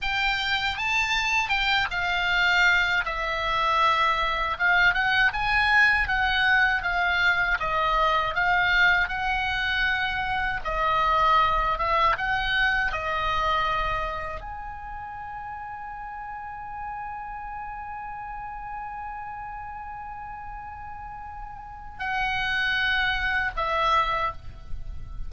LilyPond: \new Staff \with { instrumentName = "oboe" } { \time 4/4 \tempo 4 = 79 g''4 a''4 g''8 f''4. | e''2 f''8 fis''8 gis''4 | fis''4 f''4 dis''4 f''4 | fis''2 dis''4. e''8 |
fis''4 dis''2 gis''4~ | gis''1~ | gis''1~ | gis''4 fis''2 e''4 | }